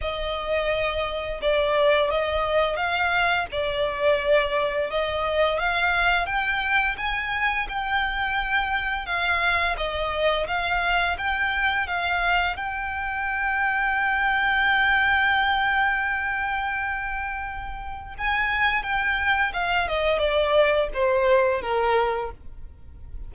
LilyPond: \new Staff \with { instrumentName = "violin" } { \time 4/4 \tempo 4 = 86 dis''2 d''4 dis''4 | f''4 d''2 dis''4 | f''4 g''4 gis''4 g''4~ | g''4 f''4 dis''4 f''4 |
g''4 f''4 g''2~ | g''1~ | g''2 gis''4 g''4 | f''8 dis''8 d''4 c''4 ais'4 | }